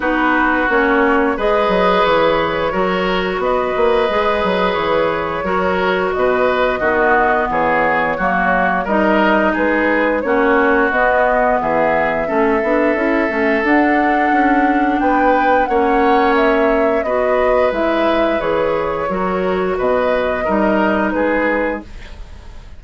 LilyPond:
<<
  \new Staff \with { instrumentName = "flute" } { \time 4/4 \tempo 4 = 88 b'4 cis''4 dis''4 cis''4~ | cis''4 dis''2 cis''4~ | cis''4 dis''2 cis''4~ | cis''4 dis''4 b'4 cis''4 |
dis''4 e''2. | fis''2 g''4 fis''4 | e''4 dis''4 e''4 cis''4~ | cis''4 dis''2 b'4 | }
  \new Staff \with { instrumentName = "oboe" } { \time 4/4 fis'2 b'2 | ais'4 b'2. | ais'4 b'4 fis'4 gis'4 | fis'4 ais'4 gis'4 fis'4~ |
fis'4 gis'4 a'2~ | a'2 b'4 cis''4~ | cis''4 b'2. | ais'4 b'4 ais'4 gis'4 | }
  \new Staff \with { instrumentName = "clarinet" } { \time 4/4 dis'4 cis'4 gis'2 | fis'2 gis'2 | fis'2 b2 | ais4 dis'2 cis'4 |
b2 cis'8 d'8 e'8 cis'8 | d'2. cis'4~ | cis'4 fis'4 e'4 gis'4 | fis'2 dis'2 | }
  \new Staff \with { instrumentName = "bassoon" } { \time 4/4 b4 ais4 gis8 fis8 e4 | fis4 b8 ais8 gis8 fis8 e4 | fis4 b,4 dis4 e4 | fis4 g4 gis4 ais4 |
b4 e4 a8 b8 cis'8 a8 | d'4 cis'4 b4 ais4~ | ais4 b4 gis4 e4 | fis4 b,4 g4 gis4 | }
>>